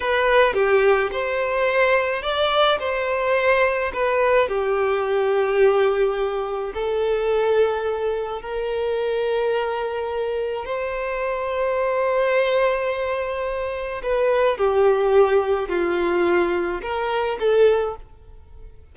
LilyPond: \new Staff \with { instrumentName = "violin" } { \time 4/4 \tempo 4 = 107 b'4 g'4 c''2 | d''4 c''2 b'4 | g'1 | a'2. ais'4~ |
ais'2. c''4~ | c''1~ | c''4 b'4 g'2 | f'2 ais'4 a'4 | }